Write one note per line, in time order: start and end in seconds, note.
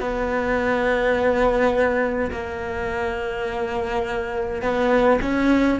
0.00 2.31 B3
2.31 4.62 A#3
4.62 5.20 B3
5.21 5.79 C#4